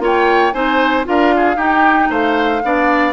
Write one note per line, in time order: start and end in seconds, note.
0.00 0.52 A#3
0.00 0.53 F4
0.00 0.54 C#5
0.06 0.53 G5
0.53 1.07 C4
0.53 1.04 D#4
0.53 1.06 C5
0.53 1.05 G#5
1.04 1.57 D4
1.04 1.57 F4
1.04 1.35 A#4
1.04 1.60 F5
1.37 1.57 G#4
1.57 2.09 D#4
1.57 2.62 D#4
1.57 2.09 G4
1.57 2.12 G5
2.10 2.62 A3
2.10 2.62 C5
2.10 3.14 F5
2.64 3.14 B3
2.64 3.14 D4
2.64 3.14 D5